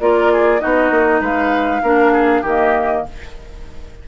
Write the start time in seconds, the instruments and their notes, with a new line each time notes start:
0.00 bassoon A#3, clarinet F4, oboe A#4, flute D5
0.33 oboe G#4
0.60 bassoon B3, clarinet D#4, oboe F#4, flute D#5
0.90 bassoon A#3
1.21 bassoon G#3, oboe B4, flute F5
1.82 bassoon A#3, clarinet D4, oboe A#4
2.12 oboe G#4
2.42 bassoon D#3, clarinet A#3, oboe G4, flute D#5